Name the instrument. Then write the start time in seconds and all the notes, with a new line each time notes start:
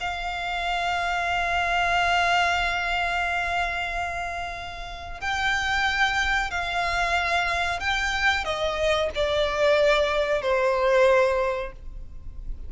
violin
0.00 F5
5.20 G5
6.50 F5
7.80 G5
8.44 D#5
9.15 D5
10.41 C5